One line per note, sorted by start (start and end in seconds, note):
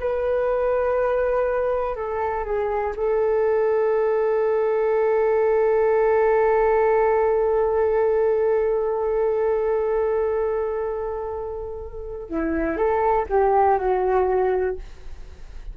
0.00 1.96 B4
1.96 2.45 A4
2.45 2.94 G#4
2.96 12.29 A4
12.29 12.77 E4
12.77 13.26 A4
13.29 13.78 G4
13.78 14.77 F#4